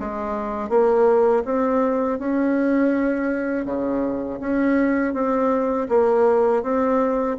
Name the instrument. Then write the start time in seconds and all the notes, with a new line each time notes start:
bassoon
0.00 G#3
0.69 A#3
1.45 C4
2.19 C#4
3.66 C#3
4.40 C#4
5.14 C4
5.89 A#3
6.63 C4